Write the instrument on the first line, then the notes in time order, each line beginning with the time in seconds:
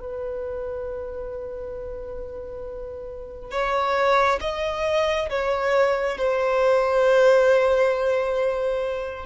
violin
0.00 B4
3.51 C#5
4.41 D#5
5.30 C#5
6.18 C5